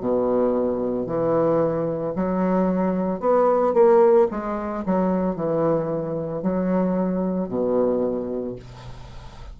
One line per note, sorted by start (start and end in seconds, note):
0.00 1.07 B2
1.07 2.14 E3
2.16 3.20 F#3
3.20 3.74 B3
3.74 4.28 A#3
4.31 4.85 G#3
4.86 5.36 F#3
5.36 6.42 E3
6.42 7.49 F#3
7.49 8.56 B2